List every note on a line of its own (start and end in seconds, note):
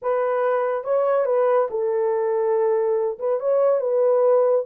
0.02 0.83 B4
0.83 1.25 C#5
1.25 1.67 B4
1.70 3.18 A4
3.18 3.40 B4
3.40 3.80 C#5
3.80 4.65 B4